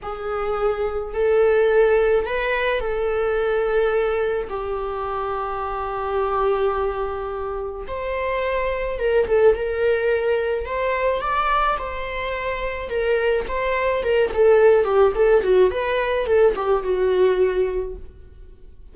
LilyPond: \new Staff \with { instrumentName = "viola" } { \time 4/4 \tempo 4 = 107 gis'2 a'2 | b'4 a'2. | g'1~ | g'2 c''2 |
ais'8 a'8 ais'2 c''4 | d''4 c''2 ais'4 | c''4 ais'8 a'4 g'8 a'8 fis'8 | b'4 a'8 g'8 fis'2 | }